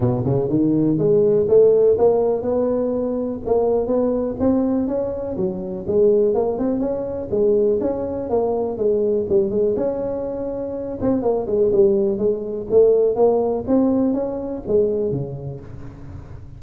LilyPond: \new Staff \with { instrumentName = "tuba" } { \time 4/4 \tempo 4 = 123 b,8 cis8 dis4 gis4 a4 | ais4 b2 ais4 | b4 c'4 cis'4 fis4 | gis4 ais8 c'8 cis'4 gis4 |
cis'4 ais4 gis4 g8 gis8 | cis'2~ cis'8 c'8 ais8 gis8 | g4 gis4 a4 ais4 | c'4 cis'4 gis4 cis4 | }